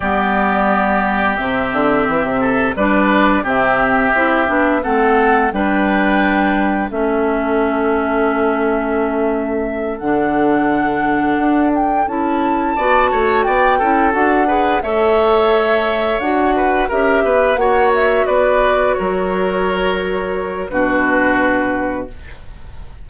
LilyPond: <<
  \new Staff \with { instrumentName = "flute" } { \time 4/4 \tempo 4 = 87 d''2 e''2 | d''4 e''2 fis''4 | g''2 e''2~ | e''2~ e''8 fis''4.~ |
fis''4 g''8 a''2 g''8~ | g''8 fis''4 e''2 fis''8~ | fis''8 e''4 fis''8 e''8 d''4 cis''8~ | cis''2 b'2 | }
  \new Staff \with { instrumentName = "oboe" } { \time 4/4 g'2.~ g'8 a'8 | b'4 g'2 a'4 | b'2 a'2~ | a'1~ |
a'2~ a'8 d''8 cis''8 d''8 | a'4 b'8 cis''2~ cis''8 | b'8 ais'8 b'8 cis''4 b'4 ais'8~ | ais'2 fis'2 | }
  \new Staff \with { instrumentName = "clarinet" } { \time 4/4 b2 c'2 | d'4 c'4 e'8 d'8 c'4 | d'2 cis'2~ | cis'2~ cis'8 d'4.~ |
d'4. e'4 fis'4. | e'8 fis'8 gis'8 a'2 fis'8~ | fis'8 g'4 fis'2~ fis'8~ | fis'2 d'2 | }
  \new Staff \with { instrumentName = "bassoon" } { \time 4/4 g2 c8 d8 e16 c8. | g4 c4 c'8 b8 a4 | g2 a2~ | a2~ a8 d4.~ |
d8 d'4 cis'4 b8 a8 b8 | cis'8 d'4 a2 d'8~ | d'8 cis'8 b8 ais4 b4 fis8~ | fis2 b,2 | }
>>